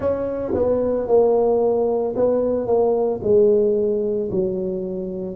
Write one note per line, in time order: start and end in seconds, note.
0.00 0.53 C#4
0.54 1.07 B3
1.07 2.14 A#3
2.16 2.66 B3
2.66 3.20 A#3
3.22 4.30 G#3
4.31 5.35 F#3